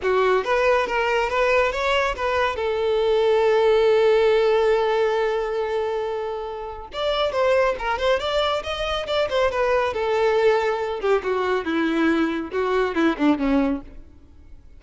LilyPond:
\new Staff \with { instrumentName = "violin" } { \time 4/4 \tempo 4 = 139 fis'4 b'4 ais'4 b'4 | cis''4 b'4 a'2~ | a'1~ | a'1 |
d''4 c''4 ais'8 c''8 d''4 | dis''4 d''8 c''8 b'4 a'4~ | a'4. g'8 fis'4 e'4~ | e'4 fis'4 e'8 d'8 cis'4 | }